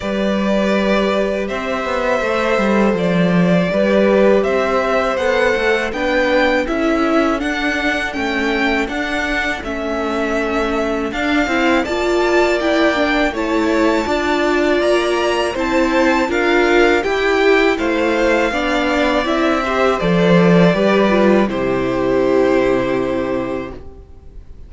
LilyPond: <<
  \new Staff \with { instrumentName = "violin" } { \time 4/4 \tempo 4 = 81 d''2 e''2 | d''2 e''4 fis''4 | g''4 e''4 fis''4 g''4 | fis''4 e''2 f''4 |
a''4 g''4 a''2 | ais''4 a''4 f''4 g''4 | f''2 e''4 d''4~ | d''4 c''2. | }
  \new Staff \with { instrumentName = "violin" } { \time 4/4 b'2 c''2~ | c''4 b'4 c''2 | b'4 a'2.~ | a'1 |
d''2 cis''4 d''4~ | d''4 c''4 ais'4 g'4 | c''4 d''4. c''4. | b'4 g'2. | }
  \new Staff \with { instrumentName = "viola" } { \time 4/4 g'2. a'4~ | a'4 g'2 a'4 | d'4 e'4 d'4 cis'4 | d'4 cis'2 d'8 e'8 |
f'4 e'8 d'8 e'4 f'4~ | f'4 e'4 f'4 e'4~ | e'4 d'4 e'8 g'8 a'4 | g'8 f'8 e'2. | }
  \new Staff \with { instrumentName = "cello" } { \time 4/4 g2 c'8 b8 a8 g8 | f4 g4 c'4 b8 a8 | b4 cis'4 d'4 a4 | d'4 a2 d'8 c'8 |
ais2 a4 d'4 | ais4 c'4 d'4 e'4 | a4 b4 c'4 f4 | g4 c2. | }
>>